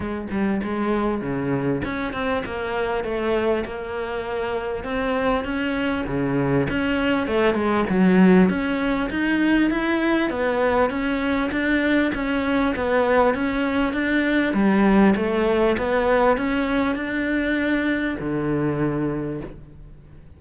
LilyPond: \new Staff \with { instrumentName = "cello" } { \time 4/4 \tempo 4 = 99 gis8 g8 gis4 cis4 cis'8 c'8 | ais4 a4 ais2 | c'4 cis'4 cis4 cis'4 | a8 gis8 fis4 cis'4 dis'4 |
e'4 b4 cis'4 d'4 | cis'4 b4 cis'4 d'4 | g4 a4 b4 cis'4 | d'2 d2 | }